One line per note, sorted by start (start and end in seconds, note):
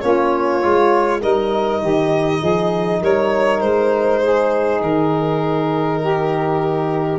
0.00 0.62 A#3
0.00 0.62 C#4
0.00 1.20 F4
0.00 1.20 C#5
0.62 1.23 G#3
0.62 1.20 F4
1.20 1.82 G3
1.20 7.19 D#4
1.20 1.80 A#4
1.20 3.02 D#5
1.80 2.41 D#3
1.80 2.40 G4
2.40 3.01 F3
2.40 3.00 G#4
3.00 3.61 G3
3.00 4.20 A#4
3.00 3.60 C#5
3.60 4.81 G#3
3.60 4.80 C5
4.22 6.00 G#4
4.81 7.19 D#3
4.81 7.19 A#4
6.00 7.19 G4